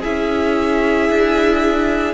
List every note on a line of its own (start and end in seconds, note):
0.00 1.09 C#4
0.00 2.13 E4
0.00 2.13 G#4
0.00 2.13 E5
1.09 2.13 D4